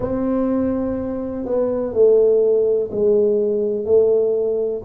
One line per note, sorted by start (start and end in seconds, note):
0.00 1.45 C4
1.45 1.93 B3
1.93 2.90 A3
2.91 3.85 G#3
3.85 4.82 A3